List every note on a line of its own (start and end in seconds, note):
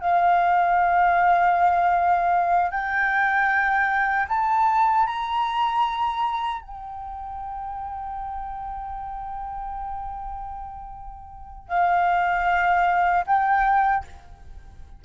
0.00 2.71 F5
2.71 4.26 G5
4.29 5.06 A5
5.06 6.62 A#5
6.62 11.68 G5
11.68 13.24 F5
13.26 14.04 G5